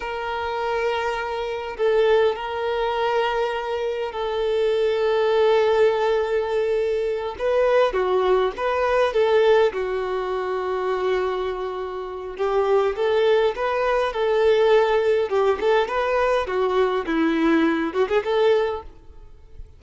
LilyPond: \new Staff \with { instrumentName = "violin" } { \time 4/4 \tempo 4 = 102 ais'2. a'4 | ais'2. a'4~ | a'1~ | a'8 b'4 fis'4 b'4 a'8~ |
a'8 fis'2.~ fis'8~ | fis'4 g'4 a'4 b'4 | a'2 g'8 a'8 b'4 | fis'4 e'4. fis'16 gis'16 a'4 | }